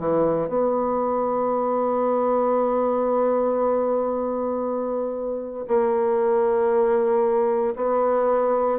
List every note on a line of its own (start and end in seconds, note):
0.00 0.49 E3
0.49 5.66 B3
5.68 7.75 A#3
7.76 8.79 B3